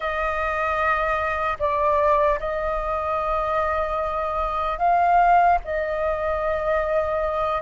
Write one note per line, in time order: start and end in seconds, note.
0.00 1.57 D#5
1.59 2.39 D5
2.39 4.78 D#5
4.78 5.58 F5
5.64 7.61 D#5